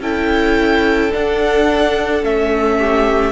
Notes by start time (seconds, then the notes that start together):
0.00 C#4 E4 A4 G5
1.11 D4 F#5
2.23 A3 C#4 E5
2.78 G4